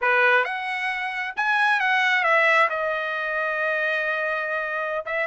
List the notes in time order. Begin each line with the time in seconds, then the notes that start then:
0.01 B4
0.44 F#5
1.36 G#5
1.80 F#5
2.23 E5
2.69 D#5
5.05 E5